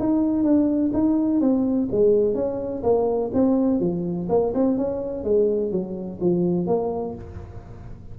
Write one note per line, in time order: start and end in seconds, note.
0.00 0.44 D#4
0.44 0.92 D4
0.94 1.41 D#4
1.41 1.89 C4
1.92 2.35 G#3
2.35 2.83 C#4
2.83 3.31 A#3
3.34 3.80 C4
3.80 4.28 F3
4.30 4.54 A#3
4.54 4.78 C4
4.78 5.24 C#4
5.24 5.72 G#3
5.72 6.20 F#3
6.21 6.67 F3
6.67 7.15 A#3